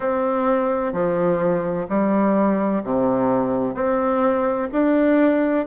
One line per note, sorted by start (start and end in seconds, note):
0.00 0.92 C4
0.92 1.86 F3
1.89 2.83 G3
2.83 3.74 C3
3.74 4.67 C4
4.72 5.65 D4